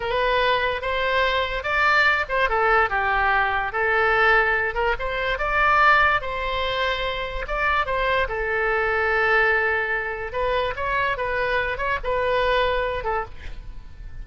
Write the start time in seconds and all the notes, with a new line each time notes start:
0.00 B4
0.81 C5
1.63 D5
2.29 C5
2.49 A4
2.89 G4
3.72 A4
4.74 A#4
4.99 C5
5.38 D5
6.21 C5
7.47 D5
7.86 C5
8.28 A4
10.32 B4
10.76 C#5
11.17 B4
11.77 C#5
12.03 B4
13.04 A4